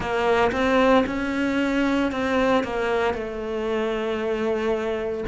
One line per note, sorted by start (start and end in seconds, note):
0.00 0.51 A#3
0.52 1.04 C4
1.06 2.11 C#4
2.11 2.63 C4
2.63 3.13 A#3
3.13 5.24 A3